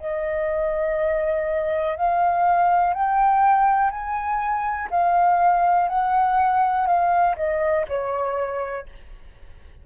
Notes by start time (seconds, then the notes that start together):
0.00 D#5
1.97 F5
2.94 G5
3.91 G#5
4.91 F5
5.89 F#5
6.87 F5
7.37 D#5
7.88 C#5